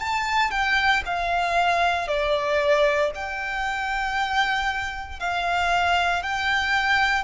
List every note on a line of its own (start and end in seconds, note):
0.00 0.51 A5
0.51 1.03 G5
1.06 2.08 F5
2.08 3.12 D5
3.15 5.20 G5
5.20 6.23 F5
6.23 7.24 G5